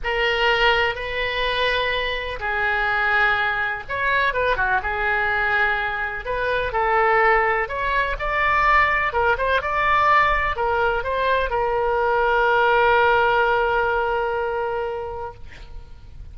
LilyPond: \new Staff \with { instrumentName = "oboe" } { \time 4/4 \tempo 4 = 125 ais'2 b'2~ | b'4 gis'2. | cis''4 b'8 fis'8 gis'2~ | gis'4 b'4 a'2 |
cis''4 d''2 ais'8 c''8 | d''2 ais'4 c''4 | ais'1~ | ais'1 | }